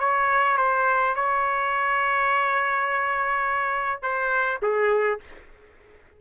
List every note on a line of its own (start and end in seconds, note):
0.00 0.58 C#5
0.58 1.15 C5
1.16 4.02 C#5
4.02 4.60 C5
4.62 5.20 G#4